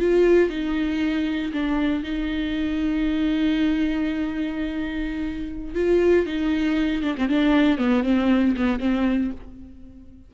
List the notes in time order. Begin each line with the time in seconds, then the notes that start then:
0.00 F4
0.50 D#4
1.53 D4
2.03 D#4
5.75 F4
6.26 D#4
7.03 D4
7.18 C4
7.29 D4
7.79 B3
8.04 C4
8.57 B3
8.80 C4